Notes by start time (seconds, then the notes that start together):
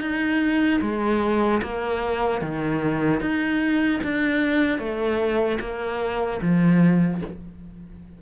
0.00 D#4
0.81 G#3
1.62 A#3
2.41 D#3
3.20 D#4
4.03 D4
4.78 A3
5.60 A#3
6.41 F3